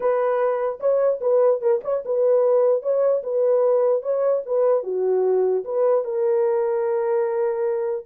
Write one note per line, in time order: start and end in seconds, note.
0.00 0.79 B4
0.79 1.20 C#5
1.20 1.61 B4
1.61 1.81 A#4
1.84 2.04 C#5
2.05 2.82 B4
2.82 3.22 C#5
3.23 4.02 B4
4.02 4.42 C#5
4.45 4.83 B4
4.83 5.64 F#4
5.64 6.04 B4
6.04 8.05 A#4